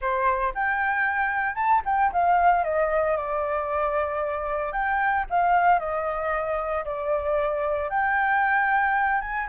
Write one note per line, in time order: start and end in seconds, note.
0.01 0.53 C5
0.54 1.55 G5
1.55 1.81 A5
1.85 2.11 G5
2.12 2.64 F5
2.64 3.16 D#5
3.16 4.72 D5
4.72 5.25 G5
5.30 5.79 F5
5.79 6.84 D#5
6.84 7.89 D5
7.89 9.21 G5
9.21 9.47 G#5